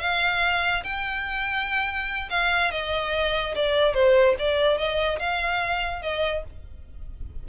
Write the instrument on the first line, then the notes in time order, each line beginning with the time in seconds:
violin
0.00 F5
0.84 G5
2.30 F5
2.71 D#5
3.55 D5
3.94 C5
4.39 D5
4.78 D#5
5.19 F5
6.02 D#5